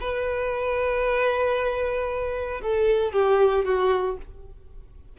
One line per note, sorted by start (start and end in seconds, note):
0.00 2.61 B4
2.61 3.12 A4
3.12 3.64 G4
3.64 4.17 F#4